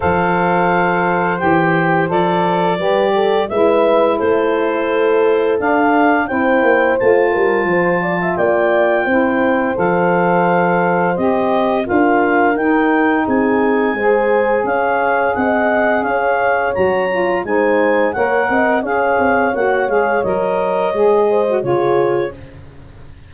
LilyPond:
<<
  \new Staff \with { instrumentName = "clarinet" } { \time 4/4 \tempo 4 = 86 f''2 g''4 d''4~ | d''4 e''4 c''2 | f''4 g''4 a''2 | g''2 f''2 |
dis''4 f''4 g''4 gis''4~ | gis''4 f''4 fis''4 f''4 | ais''4 gis''4 fis''4 f''4 | fis''8 f''8 dis''2 cis''4 | }
  \new Staff \with { instrumentName = "horn" } { \time 4/4 c''1 | b'8 a'8 b'4 a'2~ | a'4 c''4. ais'8 c''8 d''16 e''16 | d''4 c''2.~ |
c''4 ais'2 gis'4 | c''4 cis''4 dis''4 cis''4~ | cis''4 c''4 cis''8 dis''8 cis''4~ | cis''2~ cis''8 c''8 gis'4 | }
  \new Staff \with { instrumentName = "saxophone" } { \time 4/4 a'2 g'4 a'4 | g'4 e'2. | d'4 e'4 f'2~ | f'4 e'4 a'2 |
g'4 f'4 dis'2 | gis'1 | fis'8 f'8 dis'4 ais'4 gis'4 | fis'8 gis'8 ais'4 gis'8. fis'16 f'4 | }
  \new Staff \with { instrumentName = "tuba" } { \time 4/4 f2 e4 f4 | g4 gis4 a2 | d'4 c'8 ais8 a8 g8 f4 | ais4 c'4 f2 |
c'4 d'4 dis'4 c'4 | gis4 cis'4 c'4 cis'4 | fis4 gis4 ais8 c'8 cis'8 c'8 | ais8 gis8 fis4 gis4 cis4 | }
>>